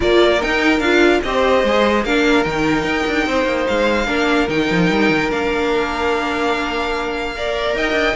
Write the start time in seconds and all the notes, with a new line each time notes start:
0.00 A#3 F4 A#4 D5
0.40 D#4 G5
0.79 D4 F4 F5
1.22 C4 G4 C5 D#5
1.63 G#3 G#4
2.04 A#3 D4 A#4 F5
2.43 D#3 D#4 G5
2.84 D#4
3.07 D4
3.26 C4 C5
3.44 A#3
3.67 G#3 F5
4.06 A#3 D4 A#4
4.48 D#3 D#4 G5
4.70 F3
4.90 G3
5.10 D#3
5.30 A#3 D4 F5
7.35 A#4 D5
7.74 D#4 D#5 G5
7.91 D4